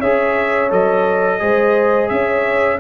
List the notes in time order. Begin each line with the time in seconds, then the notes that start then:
0.00 C#4 G#4 C#5 E5
0.70 F#3 A4 D#5
1.39 G#3 G#4 C5
2.09 C#4 C#5 E5